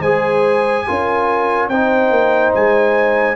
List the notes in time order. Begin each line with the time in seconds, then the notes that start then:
0.00 G#3 G#4 C5 G#5
0.88 C#4 F4 A#4
1.69 C4 D#4 C5 G5
2.11 A#3
2.54 G#3 G#5